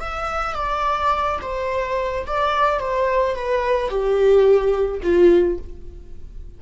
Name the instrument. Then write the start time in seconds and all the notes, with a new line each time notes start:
viola
0.00 E5
0.55 D5
1.42 C5
2.27 D5
2.79 C5
3.35 B4
3.89 G4
5.03 F4